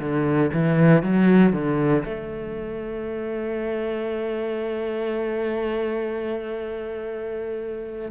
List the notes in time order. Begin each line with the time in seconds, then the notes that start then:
0.00 D3
0.54 E3
1.03 F#3
1.53 D3
2.05 A3